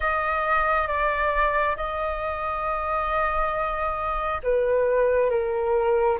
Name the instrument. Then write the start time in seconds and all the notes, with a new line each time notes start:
flute
0.00 D#5
0.87 D5
1.76 D#5
4.43 B4
5.29 A#4